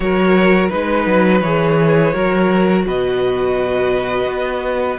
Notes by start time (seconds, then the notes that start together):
0.00 F#3 F#4 A#4 C#5
0.69 G#3 D#4 B4
1.06 F#3
1.40 E3 G#4 C#5
2.12 F#3 F#4 A#4
2.86 B2 B4 D#5
4.26 B3